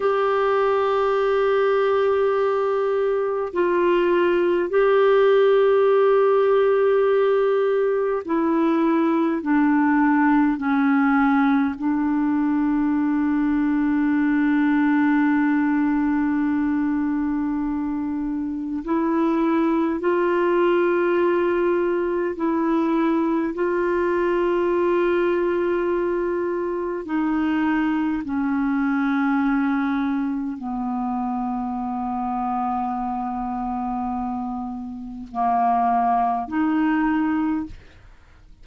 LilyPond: \new Staff \with { instrumentName = "clarinet" } { \time 4/4 \tempo 4 = 51 g'2. f'4 | g'2. e'4 | d'4 cis'4 d'2~ | d'1 |
e'4 f'2 e'4 | f'2. dis'4 | cis'2 b2~ | b2 ais4 dis'4 | }